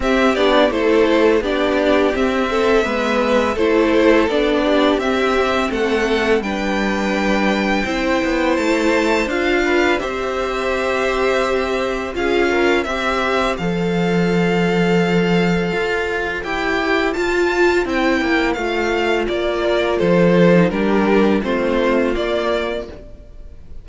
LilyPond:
<<
  \new Staff \with { instrumentName = "violin" } { \time 4/4 \tempo 4 = 84 e''8 d''8 c''4 d''4 e''4~ | e''4 c''4 d''4 e''4 | fis''4 g''2. | a''4 f''4 e''2~ |
e''4 f''4 e''4 f''4~ | f''2. g''4 | a''4 g''4 f''4 d''4 | c''4 ais'4 c''4 d''4 | }
  \new Staff \with { instrumentName = "violin" } { \time 4/4 g'4 a'4 g'4. a'8 | b'4 a'4. g'4. | a'4 b'2 c''4~ | c''4. b'8 c''2~ |
c''4 gis'8 ais'8 c''2~ | c''1~ | c''2.~ c''8 ais'8 | a'4 g'4 f'2 | }
  \new Staff \with { instrumentName = "viola" } { \time 4/4 c'8 d'8 e'4 d'4 c'4 | b4 e'4 d'4 c'4~ | c'4 d'2 e'4~ | e'4 f'4 g'2~ |
g'4 f'4 g'4 a'4~ | a'2. g'4 | f'4 e'4 f'2~ | f'8. dis'16 d'4 c'4 ais4 | }
  \new Staff \with { instrumentName = "cello" } { \time 4/4 c'8 b8 a4 b4 c'4 | gis4 a4 b4 c'4 | a4 g2 c'8 b8 | a4 d'4 c'2~ |
c'4 cis'4 c'4 f4~ | f2 f'4 e'4 | f'4 c'8 ais8 a4 ais4 | f4 g4 a4 ais4 | }
>>